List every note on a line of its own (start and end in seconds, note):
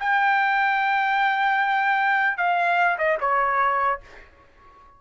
0.00 2.37 G5
2.37 2.98 F5
2.98 3.18 D#5
3.21 4.01 C#5